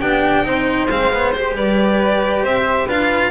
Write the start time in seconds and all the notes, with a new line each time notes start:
0.00 B3 D4 G4 G5
0.44 C4 D#4 C5
0.90 G#3 C4 F5
1.13 B3
1.32 G4 C5
1.56 G3 B4 D5
2.43 C4 C5 E5
2.86 D4 F4 B4 F5